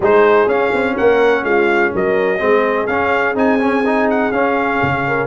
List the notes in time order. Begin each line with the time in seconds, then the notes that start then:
0.00 G#3 D#4 G#4 C5
0.47 C#4 F5
0.73 C4
0.95 A#3 A#4 F#5
1.43 G#3 F4 F5
1.94 F#3 A#4 D#5
2.38 G#3 C4 G#4
2.86 C#4 F5
3.34 C4 D#4 G#5
3.59 C#4
3.85 D#4
4.10 F#5
4.31 C#4 F5
4.82 C#3
5.07 A#4